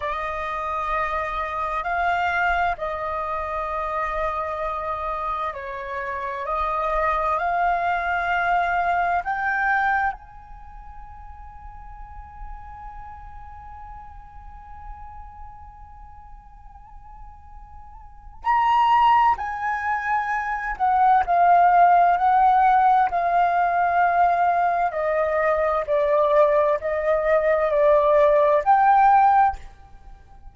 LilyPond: \new Staff \with { instrumentName = "flute" } { \time 4/4 \tempo 4 = 65 dis''2 f''4 dis''4~ | dis''2 cis''4 dis''4 | f''2 g''4 gis''4~ | gis''1~ |
gis''1 | ais''4 gis''4. fis''8 f''4 | fis''4 f''2 dis''4 | d''4 dis''4 d''4 g''4 | }